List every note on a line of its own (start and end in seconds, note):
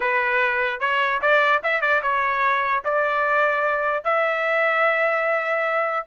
0.00 0.80 B4
0.80 1.20 C#5
1.21 1.62 D5
1.63 1.81 E5
1.81 2.01 D5
2.02 2.83 C#5
2.84 4.04 D5
4.04 6.06 E5